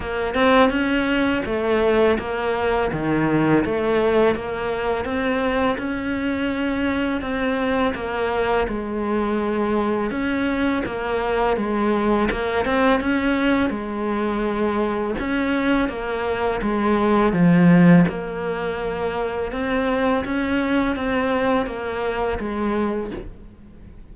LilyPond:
\new Staff \with { instrumentName = "cello" } { \time 4/4 \tempo 4 = 83 ais8 c'8 cis'4 a4 ais4 | dis4 a4 ais4 c'4 | cis'2 c'4 ais4 | gis2 cis'4 ais4 |
gis4 ais8 c'8 cis'4 gis4~ | gis4 cis'4 ais4 gis4 | f4 ais2 c'4 | cis'4 c'4 ais4 gis4 | }